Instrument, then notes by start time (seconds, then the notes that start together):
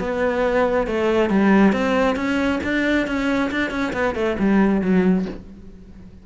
cello
0.00 B3
0.87 A3
1.30 G3
1.73 C4
2.16 C#4
2.64 D4
3.08 C#4
3.52 D4
3.71 C#4
3.94 B3
4.15 A3
4.40 G3
4.82 F#3